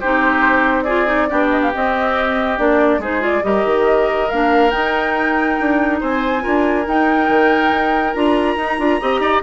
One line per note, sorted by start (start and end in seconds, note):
0.00 1.32 C4
0.00 0.87 D#4
0.00 0.84 G4
0.00 0.83 C5
0.83 1.06 F4
0.83 1.27 G#4
0.83 1.47 D5
1.06 1.28 D#4
1.30 1.74 B3
1.30 1.72 D4
1.30 3.00 G4
1.50 1.61 D#5
1.62 1.72 F5
1.73 2.57 C4
1.73 2.59 C4
1.73 2.58 D#5
2.57 2.98 A#3
2.57 3.00 D4
2.57 3.01 D5
2.98 3.41 G#3
2.98 3.20 D#4
2.98 3.43 G#4
2.98 3.23 C5
3.20 3.42 F4
3.20 3.44 D5
3.43 3.65 G3
3.43 4.29 G4
3.43 6.00 A#4
3.43 4.29 D#5
3.65 4.29 D#3
4.29 4.73 A#3
4.29 4.70 D4
4.29 4.71 F5
4.70 6.41 D#4
4.70 5.59 D#4
4.70 5.99 G5
5.60 6.02 D4
6.00 6.45 C4
6.00 6.43 C5
6.00 6.88 G#5
6.41 6.87 D4
6.41 6.84 F4
6.41 9.00 A#4
6.87 7.29 D#4
6.87 8.14 D#4
6.87 8.14 G5
7.29 7.71 D#3
7.71 8.14 D#4
8.14 8.56 D4
8.14 8.57 F4
8.14 9.42 A#5
8.56 8.78 D#4
8.56 8.79 D#4
8.79 9.00 D4
8.79 9.00 F4
9.01 9.20 C4
9.01 9.43 G4
9.01 9.21 D#5
9.20 9.41 D#4
9.20 9.42 D5